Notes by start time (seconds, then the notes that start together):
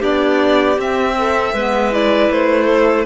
0.00 B3 D4 G4 D5
0.78 C4 E5
1.18 A4
1.54 G#3 B3 B4
1.92 E4 D5
2.31 A3 C5
2.66 A4